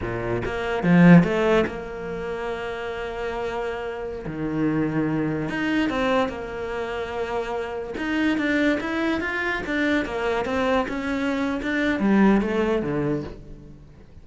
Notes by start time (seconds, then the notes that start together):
0.01 A#2
0.45 A#3
0.83 F3
1.23 A3
1.66 A#3
4.26 D#3
5.49 D#4
5.89 C4
6.28 A#3
7.97 D#4
8.37 D4
8.80 E4
9.21 F4
9.66 D4
10.05 A#3
10.45 C4
10.88 C#4
11.62 D4
11.99 G3
12.41 A3
12.82 D3